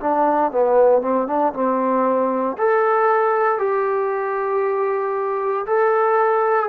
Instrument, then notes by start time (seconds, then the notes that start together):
trombone
0.00 D4
0.52 B3
1.02 C4
1.27 D4
1.53 C4
2.57 A4
3.58 G4
5.67 A4